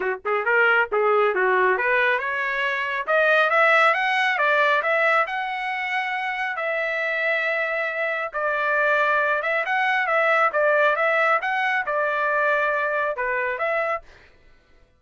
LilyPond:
\new Staff \with { instrumentName = "trumpet" } { \time 4/4 \tempo 4 = 137 fis'8 gis'8 ais'4 gis'4 fis'4 | b'4 cis''2 dis''4 | e''4 fis''4 d''4 e''4 | fis''2. e''4~ |
e''2. d''4~ | d''4. e''8 fis''4 e''4 | d''4 e''4 fis''4 d''4~ | d''2 b'4 e''4 | }